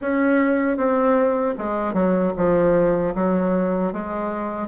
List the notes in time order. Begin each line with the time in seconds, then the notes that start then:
0.01 C#4
0.77 C4
1.58 G#3
1.93 F#3
2.36 F3
3.14 F#3
3.92 G#3